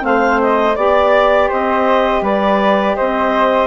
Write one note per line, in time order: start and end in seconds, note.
0.00 0.76 A3
0.00 0.73 C4
0.00 0.75 C5
0.00 0.41 F5
0.42 0.76 D#5
0.75 1.49 B3
0.75 3.67 G4
0.75 1.48 D5
0.75 1.49 D5
1.48 2.21 C4
1.48 2.21 C5
1.48 2.24 D#5
2.21 2.94 G3
2.21 2.96 B4
2.21 2.96 D5
2.96 3.67 C4
2.96 3.67 C5
2.96 3.67 D#5